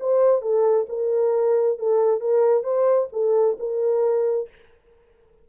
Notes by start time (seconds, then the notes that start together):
0.00 C5
0.42 A4
0.89 A#4
1.79 A4
2.20 A#4
2.63 C5
3.13 A4
3.59 A#4